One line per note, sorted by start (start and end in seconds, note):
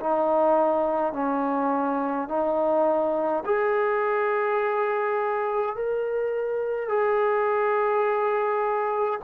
0.00 1.13 D#4
1.13 2.28 C#4
2.28 3.44 D#4
3.45 5.76 G#4
5.76 6.89 A#4
6.89 9.19 G#4